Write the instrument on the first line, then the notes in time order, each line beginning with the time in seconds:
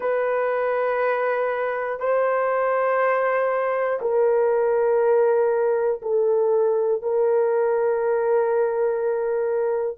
horn
0.00 B4
1.99 C5
4.01 A#4
6.02 A4
7.01 A#4